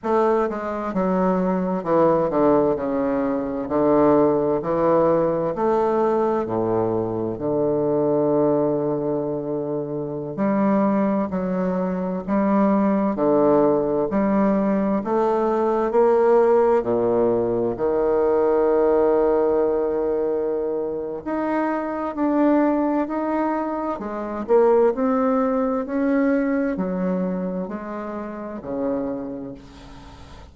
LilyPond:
\new Staff \with { instrumentName = "bassoon" } { \time 4/4 \tempo 4 = 65 a8 gis8 fis4 e8 d8 cis4 | d4 e4 a4 a,4 | d2.~ d16 g8.~ | g16 fis4 g4 d4 g8.~ |
g16 a4 ais4 ais,4 dis8.~ | dis2. dis'4 | d'4 dis'4 gis8 ais8 c'4 | cis'4 fis4 gis4 cis4 | }